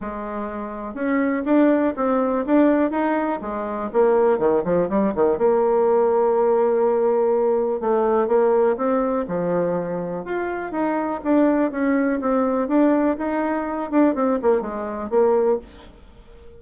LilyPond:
\new Staff \with { instrumentName = "bassoon" } { \time 4/4 \tempo 4 = 123 gis2 cis'4 d'4 | c'4 d'4 dis'4 gis4 | ais4 dis8 f8 g8 dis8 ais4~ | ais1 |
a4 ais4 c'4 f4~ | f4 f'4 dis'4 d'4 | cis'4 c'4 d'4 dis'4~ | dis'8 d'8 c'8 ais8 gis4 ais4 | }